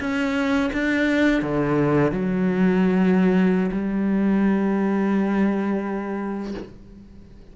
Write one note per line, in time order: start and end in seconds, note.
0.00 0.71 C#4
0.73 1.42 D4
1.42 2.12 D3
2.12 3.71 F#3
3.72 6.54 G3